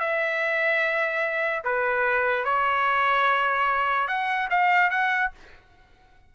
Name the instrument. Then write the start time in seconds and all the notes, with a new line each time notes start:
trumpet
0.00 E5
1.65 B4
2.45 C#5
4.08 F#5
4.50 F5
4.91 F#5